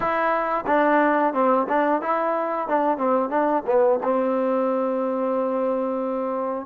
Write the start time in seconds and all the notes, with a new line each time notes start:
0.00 E4
0.67 D4
1.33 C4
1.68 D4
2.02 E4
2.68 D4
2.97 C4
3.29 D4
3.66 B3
4.03 C4